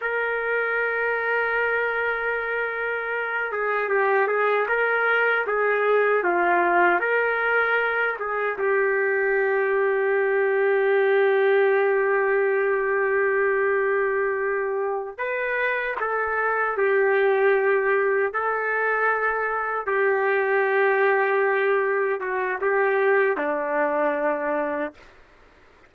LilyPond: \new Staff \with { instrumentName = "trumpet" } { \time 4/4 \tempo 4 = 77 ais'1~ | ais'8 gis'8 g'8 gis'8 ais'4 gis'4 | f'4 ais'4. gis'8 g'4~ | g'1~ |
g'2.~ g'8 b'8~ | b'8 a'4 g'2 a'8~ | a'4. g'2~ g'8~ | g'8 fis'8 g'4 d'2 | }